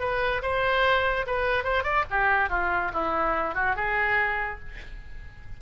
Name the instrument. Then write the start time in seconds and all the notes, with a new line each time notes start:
oboe
0.00 B4
0.42 C5
1.27 B4
1.64 C5
1.83 D5
2.10 G4
2.49 F4
2.94 E4
3.55 F#4
3.76 G#4